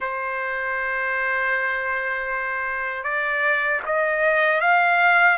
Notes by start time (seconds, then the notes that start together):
0.00 C5
3.03 D5
3.85 D#5
4.60 F5